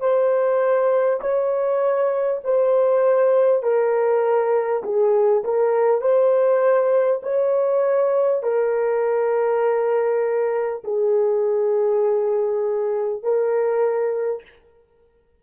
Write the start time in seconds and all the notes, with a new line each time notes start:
0.00 C5
1.21 C#5
2.44 C5
3.63 A#4
4.83 G#4
5.44 A#4
6.01 C5
7.22 C#5
8.42 A#4
10.84 G#4
13.22 A#4